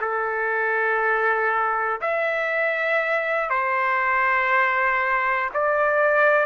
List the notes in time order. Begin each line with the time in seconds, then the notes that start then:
0.00 A4
2.01 E5
3.49 C5
5.54 D5